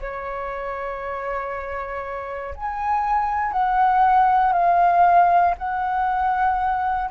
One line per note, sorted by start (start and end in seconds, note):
0.00 2.54 C#5
2.55 3.52 G#5
3.52 4.53 F#5
4.53 5.54 F5
5.57 7.10 F#5